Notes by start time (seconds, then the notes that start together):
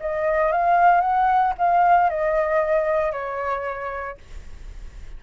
0.00 D#5
0.52 F5
1.01 F#5
1.58 F5
2.10 D#5
3.12 C#5